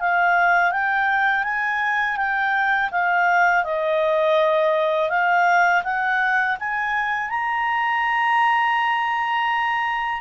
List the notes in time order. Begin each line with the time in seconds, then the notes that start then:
0.00 F5
0.71 G5
1.43 G#5
2.17 G5
2.91 F5
3.64 D#5
5.10 F5
5.83 F#5
6.60 G#5
7.29 A#5